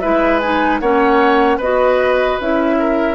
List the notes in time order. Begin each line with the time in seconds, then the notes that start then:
0.00 G#3 E4 B4 E5
0.40 D#4 G#5
0.80 A#3 C#4 C#5 F#5
1.57 B3 F#4 B4 D#5
2.40 C#4 E4 E5
2.79 A#4